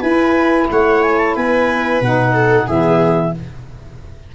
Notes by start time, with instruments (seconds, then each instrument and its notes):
0.00 tuba E4, saxophone E4, viola B4, clarinet G#5
0.71 tuba A3, viola C#5, clarinet F#5
1.03 clarinet G#5
1.18 clarinet A5
1.35 tuba B3, viola B4, clarinet G#5
2.02 tuba B2, saxophone D#4, clarinet F#5
2.33 viola A4
2.67 tuba E3, saxophone B3, viola G#4, clarinet E5